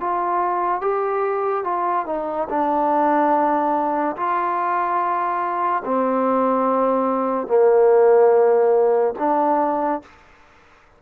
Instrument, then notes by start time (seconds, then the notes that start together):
trombone
0.00 F4
0.81 G4
1.64 F4
2.06 D#4
2.49 D4
4.16 F4
5.84 C4
7.47 A#3
9.19 D4